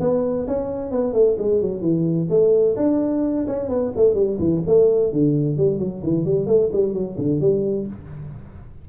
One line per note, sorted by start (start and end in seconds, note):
0.00 0.47 B3
0.47 0.91 C#4
0.91 1.13 B3
1.13 1.36 A3
1.38 1.61 G#3
1.61 1.81 F#3
1.81 2.28 E3
2.30 2.76 A3
2.77 3.46 D4
3.47 3.69 C#4
3.69 3.92 B3
3.96 4.14 A3
4.14 4.38 G3
4.39 4.62 E3
4.67 5.12 A3
5.12 5.57 D3
5.57 5.79 G3
5.79 6.02 F#3
6.03 6.25 E3
6.25 6.47 G3
6.47 6.70 A3
6.73 6.93 G3
6.93 7.17 F#3
7.18 7.40 D3
7.40 7.87 G3